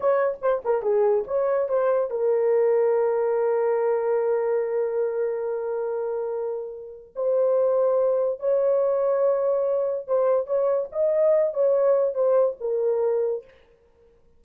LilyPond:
\new Staff \with { instrumentName = "horn" } { \time 4/4 \tempo 4 = 143 cis''4 c''8 ais'8 gis'4 cis''4 | c''4 ais'2.~ | ais'1~ | ais'1~ |
ais'4 c''2. | cis''1 | c''4 cis''4 dis''4. cis''8~ | cis''4 c''4 ais'2 | }